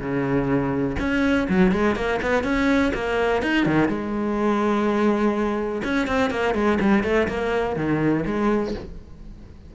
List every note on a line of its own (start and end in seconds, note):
0.00 0.97 C#3
0.99 1.48 C#4
1.49 1.72 F#3
1.72 1.96 G#3
1.96 2.20 A#3
2.22 2.44 B3
2.44 2.92 C#4
2.94 3.43 A#3
3.43 3.66 D#4
3.66 3.89 D#3
3.89 5.82 G#3
5.84 6.07 C#4
6.07 6.31 C4
6.31 6.55 A#3
6.55 6.79 G#3
6.80 7.04 G3
7.04 7.28 A3
7.28 7.76 A#3
7.76 8.25 D#3
8.26 8.74 G#3